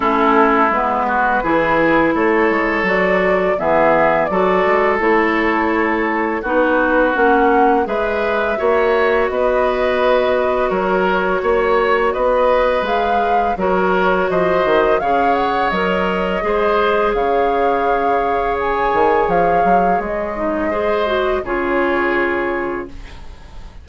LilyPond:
<<
  \new Staff \with { instrumentName = "flute" } { \time 4/4 \tempo 4 = 84 a'4 b'2 cis''4 | d''4 e''4 d''4 cis''4~ | cis''4 b'4 fis''4 e''4~ | e''4 dis''2 cis''4~ |
cis''4 dis''4 f''4 cis''4 | dis''4 f''8 fis''8 dis''2 | f''2 gis''4 f''4 | dis''2 cis''2 | }
  \new Staff \with { instrumentName = "oboe" } { \time 4/4 e'4. fis'8 gis'4 a'4~ | a'4 gis'4 a'2~ | a'4 fis'2 b'4 | cis''4 b'2 ais'4 |
cis''4 b'2 ais'4 | c''4 cis''2 c''4 | cis''1~ | cis''4 c''4 gis'2 | }
  \new Staff \with { instrumentName = "clarinet" } { \time 4/4 cis'4 b4 e'2 | fis'4 b4 fis'4 e'4~ | e'4 dis'4 cis'4 gis'4 | fis'1~ |
fis'2 gis'4 fis'4~ | fis'4 gis'4 ais'4 gis'4~ | gis'1~ | gis'8 dis'8 gis'8 fis'8 f'2 | }
  \new Staff \with { instrumentName = "bassoon" } { \time 4/4 a4 gis4 e4 a8 gis8 | fis4 e4 fis8 gis8 a4~ | a4 b4 ais4 gis4 | ais4 b2 fis4 |
ais4 b4 gis4 fis4 | f8 dis8 cis4 fis4 gis4 | cis2~ cis8 dis8 f8 fis8 | gis2 cis2 | }
>>